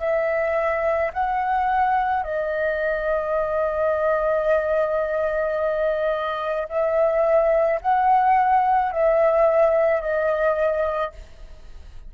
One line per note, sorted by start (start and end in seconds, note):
0.00 1.11 E5
1.14 2.24 F#5
2.24 6.68 D#5
6.69 7.80 E5
7.81 8.92 F#5
8.92 10.02 E5
10.02 11.13 D#5